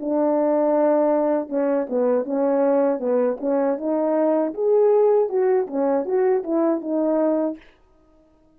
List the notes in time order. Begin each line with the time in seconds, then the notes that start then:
0.00 D4
1.49 C#4
1.89 B3
2.25 C#4
2.99 B3
3.40 C#4
3.77 D#4
4.54 G#4
5.29 F#4
5.67 C#4
6.05 F#4
6.43 E4
6.81 D#4